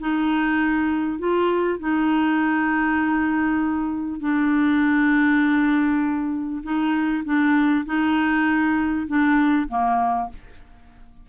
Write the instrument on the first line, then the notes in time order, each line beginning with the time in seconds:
clarinet
0.00 D#4
1.19 F4
1.79 D#4
4.20 D4
6.63 D#4
7.25 D4
7.85 D#4
9.07 D4
9.69 A#3